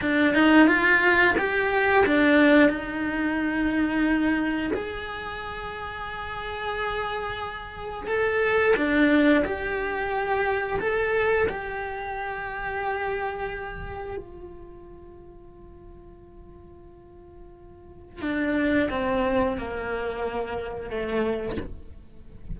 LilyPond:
\new Staff \with { instrumentName = "cello" } { \time 4/4 \tempo 4 = 89 d'8 dis'8 f'4 g'4 d'4 | dis'2. gis'4~ | gis'1 | a'4 d'4 g'2 |
a'4 g'2.~ | g'4 f'2.~ | f'2. d'4 | c'4 ais2 a4 | }